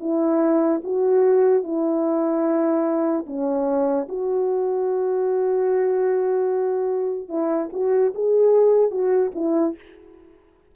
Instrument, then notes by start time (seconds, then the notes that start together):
horn
0.00 E4
0.84 F#4
1.63 E4
3.27 C#4
4.08 F#4
7.29 E4
7.72 F#4
8.15 G#4
8.91 F#4
9.35 E4